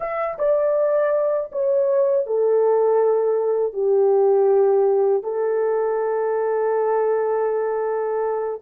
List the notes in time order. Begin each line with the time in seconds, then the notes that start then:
0.00 E5
0.38 D5
1.51 C#5
2.26 A4
3.73 G4
5.23 A4